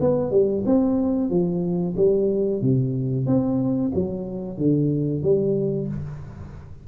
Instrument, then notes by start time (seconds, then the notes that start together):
tuba
0.00 B3
0.31 G3
0.65 C4
1.30 F3
1.96 G3
2.61 C3
3.26 C4
3.94 F#3
4.57 D3
5.22 G3